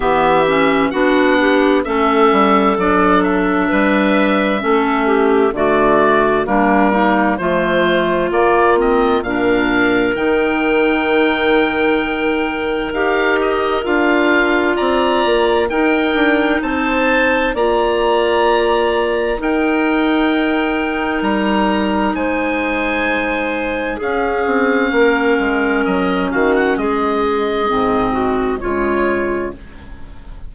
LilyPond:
<<
  \new Staff \with { instrumentName = "oboe" } { \time 4/4 \tempo 4 = 65 e''4 fis''4 e''4 d''8 e''8~ | e''2 d''4 ais'4 | c''4 d''8 dis''8 f''4 g''4~ | g''2 f''8 dis''8 f''4 |
ais''4 g''4 a''4 ais''4~ | ais''4 g''2 ais''4 | gis''2 f''2 | dis''8 f''16 fis''16 dis''2 cis''4 | }
  \new Staff \with { instrumentName = "clarinet" } { \time 4/4 g'4 fis'8 g'8 a'2 | b'4 a'8 g'8 fis'4 d'8 ais8 | f'2 ais'2~ | ais'1 |
d''4 ais'4 c''4 d''4~ | d''4 ais'2. | c''2 gis'4 ais'4~ | ais'8 fis'8 gis'4. fis'8 f'4 | }
  \new Staff \with { instrumentName = "clarinet" } { \time 4/4 b8 cis'8 d'4 cis'4 d'4~ | d'4 cis'4 a4 ais8 dis'8 | a4 ais8 c'8 d'4 dis'4~ | dis'2 g'4 f'4~ |
f'4 dis'2 f'4~ | f'4 dis'2.~ | dis'2 cis'2~ | cis'2 c'4 gis4 | }
  \new Staff \with { instrumentName = "bassoon" } { \time 4/4 e4 b4 a8 g8 fis4 | g4 a4 d4 g4 | f4 ais4 ais,4 dis4~ | dis2 dis'4 d'4 |
c'8 ais8 dis'8 d'8 c'4 ais4~ | ais4 dis'2 g4 | gis2 cis'8 c'8 ais8 gis8 | fis8 dis8 gis4 gis,4 cis4 | }
>>